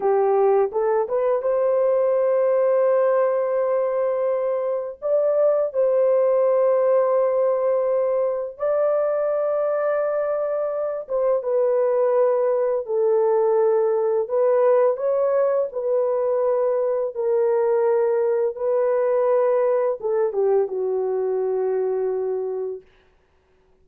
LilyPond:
\new Staff \with { instrumentName = "horn" } { \time 4/4 \tempo 4 = 84 g'4 a'8 b'8 c''2~ | c''2. d''4 | c''1 | d''2.~ d''8 c''8 |
b'2 a'2 | b'4 cis''4 b'2 | ais'2 b'2 | a'8 g'8 fis'2. | }